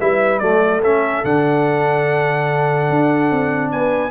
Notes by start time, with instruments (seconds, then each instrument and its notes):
0.00 tuba G3, trombone E4, horn B4, trumpet E5
0.39 tuba F#3, trombone A3, horn A4, trumpet D5
0.81 tuba A3, trombone C#4, trumpet E5
1.24 tuba D3, trombone D4, trumpet F#5
2.90 tuba D4
3.31 tuba C4
3.71 tuba B3, horn B4, trumpet G#5